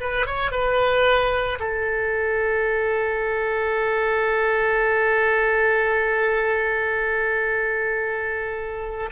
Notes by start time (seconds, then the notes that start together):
0.00 B4
0.26 C#5
0.51 B4
1.59 A4